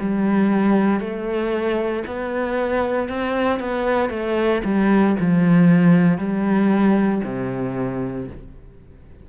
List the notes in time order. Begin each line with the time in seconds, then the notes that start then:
0.00 G3
1.00 A3
2.07 B3
3.09 C4
3.60 B3
4.10 A3
4.65 G3
5.20 F3
6.18 G3
7.25 C3